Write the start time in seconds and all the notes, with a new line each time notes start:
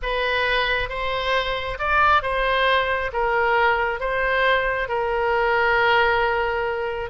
0.02 B4
0.89 C5
1.78 D5
2.22 C5
3.13 A#4
3.99 C5
4.88 A#4